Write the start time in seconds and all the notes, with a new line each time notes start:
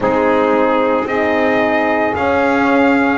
0.00 G#3 C4 D#4 G#4
1.05 C4 D#4 G#4 D#5
2.15 C#4 F5